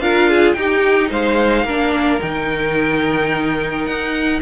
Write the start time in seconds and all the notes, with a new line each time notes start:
0.00 D4 F4 A#4 F5
0.30 G#4
0.54 D#4 G4 G5
1.11 G#3 C5 F5
1.64 A#3 D4 A#4
2.20 D#3 D#4 G5
3.86 D#4 F#5